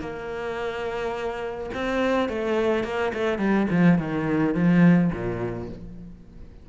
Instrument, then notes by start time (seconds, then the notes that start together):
cello
0.00 A#3
1.73 C4
2.28 A3
2.84 A#3
3.13 A3
3.38 G3
3.70 F3
3.98 D#3
4.54 F3
5.12 A#2